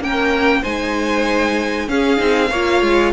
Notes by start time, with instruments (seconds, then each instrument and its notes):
0.00 cello A#3, viola C#4, violin A#4 G5
0.61 cello G#3, viola D#4, violin C5 G#5
1.88 cello C#4, viola C#4, violin G#4 F5
2.17 cello C4, viola D#4
2.50 cello A#3, viola F4, violin C#5
2.82 cello G#3